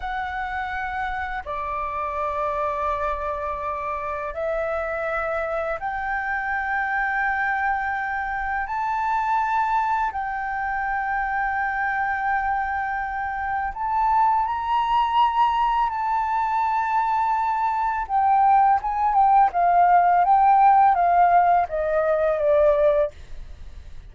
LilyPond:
\new Staff \with { instrumentName = "flute" } { \time 4/4 \tempo 4 = 83 fis''2 d''2~ | d''2 e''2 | g''1 | a''2 g''2~ |
g''2. a''4 | ais''2 a''2~ | a''4 g''4 gis''8 g''8 f''4 | g''4 f''4 dis''4 d''4 | }